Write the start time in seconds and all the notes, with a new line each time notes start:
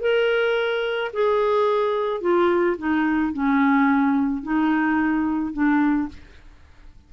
0.00 A#4
1.13 G#4
2.21 F4
2.78 D#4
3.33 C#4
4.43 D#4
5.53 D4